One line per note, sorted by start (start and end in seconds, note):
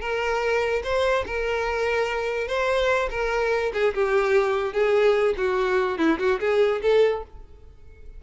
0.00 0.82 A#4
0.83 1.24 C5
1.26 2.47 A#4
2.47 3.09 C5
3.10 3.72 A#4
3.73 3.94 G#4
3.94 4.73 G4
4.73 5.34 G#4
5.37 5.98 F#4
5.98 6.18 E4
6.19 6.39 F#4
6.40 6.81 G#4
6.82 7.23 A4